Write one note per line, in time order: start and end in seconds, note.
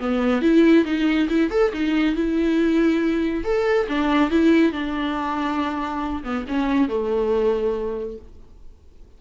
0.00 0.42 B3
0.42 0.85 E4
0.85 1.29 D#4
1.29 1.51 E4
1.51 1.72 A4
1.74 2.16 D#4
2.16 3.44 E4
3.44 3.88 A4
3.89 4.31 D4
4.31 4.73 E4
4.73 6.24 D4
6.24 6.46 B3
6.49 6.89 C#4
6.89 8.18 A3